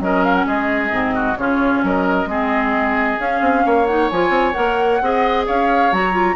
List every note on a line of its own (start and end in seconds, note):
0.00 0.45 F#3
0.00 0.91 C#4
0.00 0.47 A#4
0.00 0.24 D#5
0.24 0.34 F5
0.34 0.45 F#5
0.47 0.91 G#3
0.47 1.15 G#4
0.47 1.37 D#5
0.91 1.37 G#2
0.91 1.36 C4
1.15 1.38 F#4
1.37 1.83 C#3
1.37 2.28 C#4
1.37 1.85 F4
1.37 1.82 C#5
1.83 2.26 F#3
1.83 2.29 A#4
1.83 3.20 D#5
2.26 3.17 G#3
2.26 3.19 C4
2.26 3.66 G#4
3.19 3.87 C#4
3.19 3.41 C#4
3.19 3.86 F5
3.41 3.64 C4
3.66 4.11 A#3
3.66 5.02 C#5
3.86 4.11 D#4
3.86 4.09 F#5
4.10 4.29 F3
4.10 4.54 F4
4.10 4.53 G#5
4.29 4.52 C4
4.53 5.01 A#3
4.53 4.99 A#4
4.53 5.44 F#5
5.01 5.47 C4
5.01 5.92 G#4
5.01 5.47 D#5
5.47 5.92 C#4
5.47 6.36 C#5
5.47 5.93 F5
5.92 6.36 F#3
5.92 6.13 F#4
5.92 6.36 A#5
6.13 6.35 F4